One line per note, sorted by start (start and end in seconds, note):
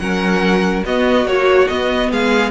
0.00 0.84 F#3
0.00 0.85 C#4
0.00 0.86 A#4
0.00 0.84 F#5
0.86 1.25 B3
0.86 1.26 B3
0.86 2.11 F#4
0.86 1.27 D#5
1.25 1.68 F#3
1.25 1.67 A#3
1.25 1.68 C#5
1.68 2.51 B3
1.68 2.12 B3
1.68 2.10 D#5
2.11 2.51 G#3
2.11 2.51 G#4
2.11 2.51 F5